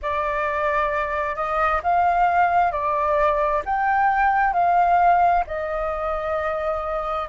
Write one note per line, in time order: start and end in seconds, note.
0.02 1.35 D5
1.35 1.81 D#5
1.83 2.71 F5
2.71 3.62 D5
3.65 4.52 G5
4.52 5.43 F5
5.46 7.28 D#5